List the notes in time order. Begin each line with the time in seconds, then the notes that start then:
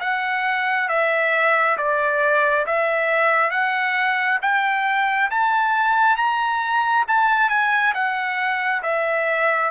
0.00 F#5
0.88 E5
1.77 D5
2.66 E5
3.51 F#5
4.42 G5
5.30 A5
6.16 A#5
7.07 A5
7.49 G#5
7.94 F#5
8.82 E5